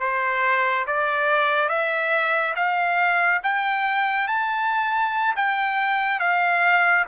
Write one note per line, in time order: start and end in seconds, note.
0.00 0.86 C5
0.87 1.69 D5
1.69 2.55 E5
2.56 3.42 F5
3.43 4.28 G5
4.28 5.35 A5
5.36 6.20 G5
6.20 7.06 F5